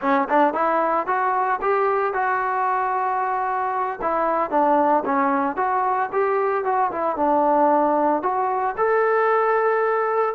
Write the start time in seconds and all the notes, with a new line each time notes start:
0.01 C#4
0.29 D4
0.53 E4
1.06 F#4
1.61 G4
2.13 F#4
4.01 E4
4.50 D4
5.05 C#4
5.56 F#4
6.12 G4
6.64 F#4
6.91 E4
7.16 D4
8.22 F#4
8.77 A4